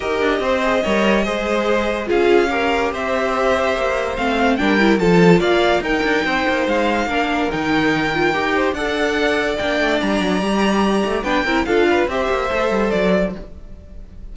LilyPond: <<
  \new Staff \with { instrumentName = "violin" } { \time 4/4 \tempo 4 = 144 dis''1~ | dis''4 f''2 e''4~ | e''2 f''4 g''4 | a''4 f''4 g''2 |
f''2 g''2~ | g''4 fis''2 g''4 | ais''2. g''4 | f''4 e''2 d''4 | }
  \new Staff \with { instrumentName = "violin" } { \time 4/4 ais'4 c''4 cis''4 c''4~ | c''4 gis'4 ais'4 c''4~ | c''2. ais'4 | a'4 d''4 ais'4 c''4~ |
c''4 ais'2.~ | ais'8 c''8 d''2.~ | d''2. b'8 ais'8 | a'8 b'8 c''2. | }
  \new Staff \with { instrumentName = "viola" } { \time 4/4 g'4. gis'8 ais'4 gis'4~ | gis'4 f'4 g'2~ | g'2 c'4 d'8 e'8 | f'2 dis'2~ |
dis'4 d'4 dis'4. f'8 | g'4 a'2 d'4~ | d'4 g'2 d'8 e'8 | f'4 g'4 a'2 | }
  \new Staff \with { instrumentName = "cello" } { \time 4/4 dis'8 d'8 c'4 g4 gis4~ | gis4 cis'2 c'4~ | c'4 ais4 a4 g4 | f4 ais4 dis'8 d'8 c'8 ais8 |
gis4 ais4 dis2 | dis'4 d'2 ais8 a8 | g8 fis8 g4. a8 b8 c'8 | d'4 c'8 ais8 a8 g8 fis4 | }
>>